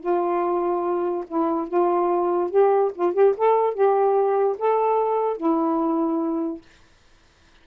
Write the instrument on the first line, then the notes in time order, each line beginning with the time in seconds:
saxophone
0.00 F4
1.28 E4
1.68 F4
2.50 G4
2.95 F4
3.13 G4
3.37 A4
3.74 G4
4.58 A4
5.37 E4